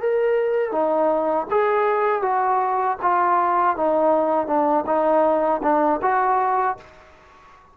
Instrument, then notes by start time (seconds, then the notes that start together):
trombone
0.00 A#4
0.71 D#4
1.50 G#4
2.22 F#4
3.02 F4
3.76 D#4
4.47 D4
4.86 D#4
5.62 D4
6.02 F#4